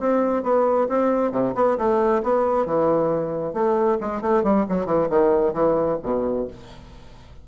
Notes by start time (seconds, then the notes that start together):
0.00 C4
0.43 B3
0.89 C4
1.32 C3
1.55 B3
1.78 A3
2.23 B3
2.66 E3
3.54 A3
4.01 G#3
4.22 A3
4.44 G3
4.69 F#3
4.86 E3
5.09 D#3
5.54 E3
6.03 B2